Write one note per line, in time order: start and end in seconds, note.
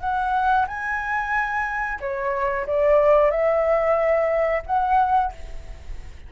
0.00 0.66 F#5
0.67 1.99 G#5
2.00 2.66 C#5
2.67 3.31 D5
3.31 4.63 E5
4.66 5.32 F#5